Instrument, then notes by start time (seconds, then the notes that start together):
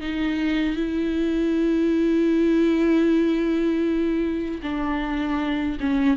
viola
0.00 D#4
0.76 E4
4.62 D4
5.80 C#4